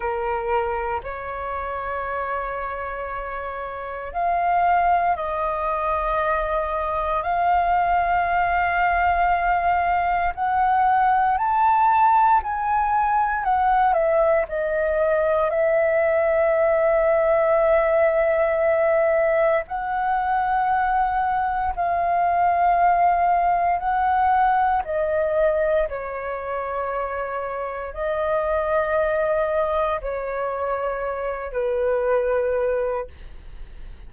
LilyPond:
\new Staff \with { instrumentName = "flute" } { \time 4/4 \tempo 4 = 58 ais'4 cis''2. | f''4 dis''2 f''4~ | f''2 fis''4 a''4 | gis''4 fis''8 e''8 dis''4 e''4~ |
e''2. fis''4~ | fis''4 f''2 fis''4 | dis''4 cis''2 dis''4~ | dis''4 cis''4. b'4. | }